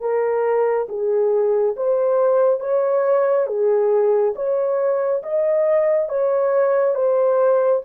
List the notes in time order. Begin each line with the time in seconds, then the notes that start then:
0.00 A#4
0.89 G#4
1.76 C5
2.60 C#5
3.47 G#4
4.35 C#5
5.23 D#5
6.09 C#5
6.94 C5